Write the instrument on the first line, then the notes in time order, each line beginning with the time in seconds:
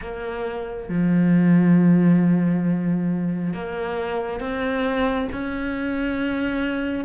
cello
0.01 A#3
0.88 F3
3.53 A#3
4.40 C4
5.32 C#4